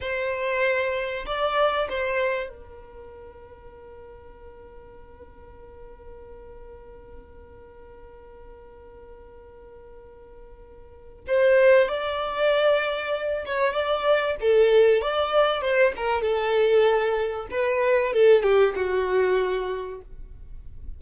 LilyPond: \new Staff \with { instrumentName = "violin" } { \time 4/4 \tempo 4 = 96 c''2 d''4 c''4 | ais'1~ | ais'1~ | ais'1~ |
ais'2 c''4 d''4~ | d''4. cis''8 d''4 a'4 | d''4 c''8 ais'8 a'2 | b'4 a'8 g'8 fis'2 | }